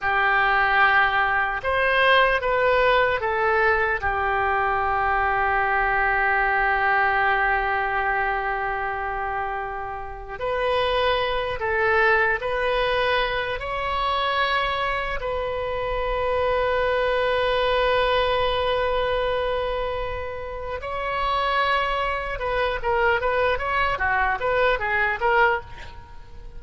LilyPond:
\new Staff \with { instrumentName = "oboe" } { \time 4/4 \tempo 4 = 75 g'2 c''4 b'4 | a'4 g'2.~ | g'1~ | g'4 b'4. a'4 b'8~ |
b'4 cis''2 b'4~ | b'1~ | b'2 cis''2 | b'8 ais'8 b'8 cis''8 fis'8 b'8 gis'8 ais'8 | }